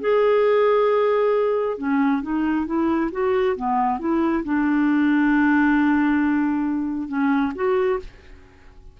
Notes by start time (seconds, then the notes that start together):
0.00 G#4
1.78 C#4
2.22 D#4
2.66 E4
3.12 F#4
3.56 B3
3.99 E4
4.44 D4
7.08 C#4
7.55 F#4